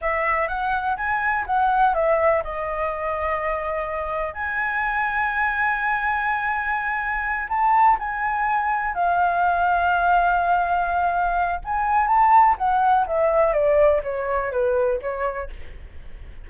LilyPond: \new Staff \with { instrumentName = "flute" } { \time 4/4 \tempo 4 = 124 e''4 fis''4 gis''4 fis''4 | e''4 dis''2.~ | dis''4 gis''2.~ | gis''2.~ gis''8 a''8~ |
a''8 gis''2 f''4.~ | f''1 | gis''4 a''4 fis''4 e''4 | d''4 cis''4 b'4 cis''4 | }